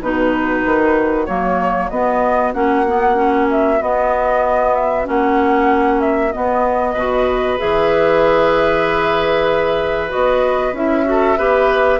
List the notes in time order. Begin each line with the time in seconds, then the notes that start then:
0.00 B2 D#4 F#4 B4
0.66 D#3
1.26 F#3 A#3 C#5
1.90 B3 D#5
2.54 A#3 C#4 F#5
2.87 B3
3.15 C#4
3.51 E5
3.82 B3 D#5
4.75 E5
5.05 A#3 C#4 F#5
6.01 E5
6.33 B3 D#5
6.94 B2 F#4 B4
7.58 E3 G#4 E5
10.09 B3 F#4 D#5
10.73 C#4 E4 E5
11.05 F#4 A4
11.38 B3 G4 B4